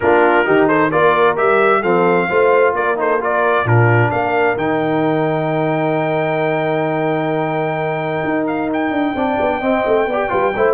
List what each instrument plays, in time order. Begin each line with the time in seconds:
0.00 tuba A#3, trombone D4, horn F4, trumpet A#4
0.45 tuba D#3, trombone D#4, horn G4
0.67 horn A4, trumpet C5
0.91 tuba A#3, trombone F4, horn A#4, trumpet D5
1.36 tuba G3, trombone G4, trumpet E5
1.80 tuba F3, trombone C4, horn A4, trumpet F5
2.29 tuba A3, trombone F4, horn C5
2.73 tuba A#3, horn A#4, trumpet D5
2.96 trombone D#4, horn A4, trumpet C5
3.20 trombone F4, horn A#4, trumpet D5
3.64 tuba A#2, trombone D4, horn F4, trumpet A#4
4.10 tuba A#3, horn A#4, trumpet F5
4.56 tuba D#3, trombone D#4, trumpet G5
8.24 tuba D#4
8.46 trumpet F5
8.73 trumpet G5
8.90 tuba D4
9.15 tuba C4, trombone D4, horn D5
9.40 tuba B3
9.61 tuba C4, trombone C4, horn D#5
9.86 tuba A3
10.06 tuba B3, horn D5
10.12 trombone G4
10.29 tuba G3, trombone F4, horn B4
10.55 tuba A3, trombone E4, horn C5